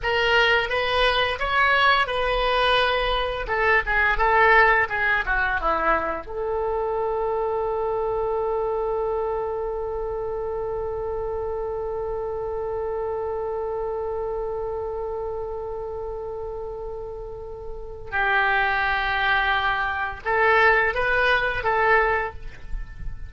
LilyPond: \new Staff \with { instrumentName = "oboe" } { \time 4/4 \tempo 4 = 86 ais'4 b'4 cis''4 b'4~ | b'4 a'8 gis'8 a'4 gis'8 fis'8 | e'4 a'2.~ | a'1~ |
a'1~ | a'1~ | a'2 g'2~ | g'4 a'4 b'4 a'4 | }